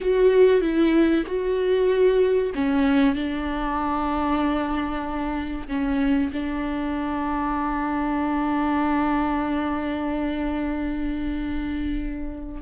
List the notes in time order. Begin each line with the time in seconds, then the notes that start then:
0.00 F#4
0.61 E4
1.26 F#4
2.54 C#4
3.15 D4
5.68 C#4
6.32 D4